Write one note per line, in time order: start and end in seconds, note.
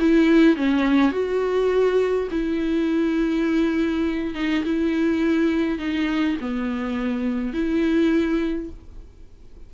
0.00 0.56 E4
0.56 1.12 C#4
1.12 2.28 F#4
2.31 4.35 E4
4.35 4.64 D#4
4.65 5.79 E4
5.79 6.37 D#4
6.41 7.54 B3
7.54 8.70 E4